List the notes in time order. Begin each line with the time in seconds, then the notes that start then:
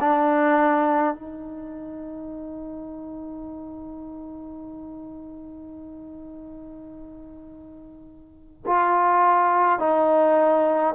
0.00 D4
1.14 D#4
8.66 F4
9.79 D#4